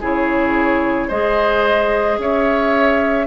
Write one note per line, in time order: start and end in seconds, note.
0.00 1.10 C#3
0.00 1.10 E4
0.00 1.07 G#4
0.00 1.09 C#5
1.07 2.18 G#3
1.07 3.26 G#4
1.07 2.17 C5
1.07 2.18 D#5
2.18 3.26 C#4
2.18 3.26 C#5
2.18 3.26 E5